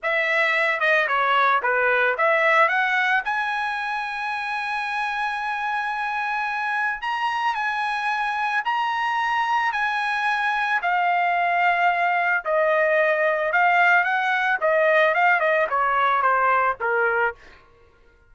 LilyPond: \new Staff \with { instrumentName = "trumpet" } { \time 4/4 \tempo 4 = 111 e''4. dis''8 cis''4 b'4 | e''4 fis''4 gis''2~ | gis''1~ | gis''4 ais''4 gis''2 |
ais''2 gis''2 | f''2. dis''4~ | dis''4 f''4 fis''4 dis''4 | f''8 dis''8 cis''4 c''4 ais'4 | }